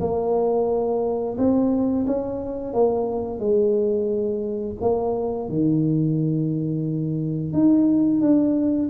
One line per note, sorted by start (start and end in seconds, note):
0.00 1.36 A#3
1.38 2.06 C4
2.07 2.74 C#4
2.74 3.39 A#3
3.39 4.76 G#3
4.81 5.49 A#3
5.49 7.53 D#3
7.53 8.21 D#4
8.21 8.89 D4